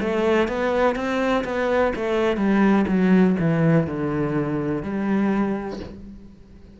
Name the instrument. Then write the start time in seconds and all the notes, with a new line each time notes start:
cello
0.00 A3
0.48 B3
0.95 C4
1.44 B3
1.95 A3
2.36 G3
2.87 F#3
3.39 E3
3.86 D3
4.83 G3